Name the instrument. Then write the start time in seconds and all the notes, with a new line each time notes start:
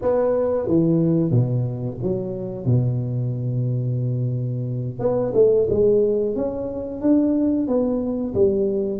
tuba
0.02 B3
0.67 E3
1.30 B2
2.02 F#3
2.65 B2
4.99 B3
5.34 A3
5.69 G#3
6.35 C#4
7.01 D4
7.67 B3
8.34 G3